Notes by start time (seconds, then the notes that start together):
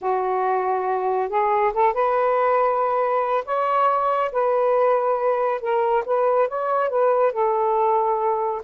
0.01 F#4
1.29 G#4
1.73 A4
1.93 B4
3.45 C#5
4.32 B4
5.61 A#4
6.05 B4
6.48 C#5
6.89 B4
7.32 A4